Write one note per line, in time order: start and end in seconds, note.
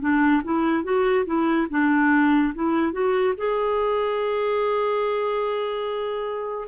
0.00 0.42 D4
0.44 0.83 E4
0.83 1.25 F#4
1.25 1.67 E4
1.70 2.53 D4
2.54 2.92 E4
2.92 3.34 F#4
3.37 6.68 G#4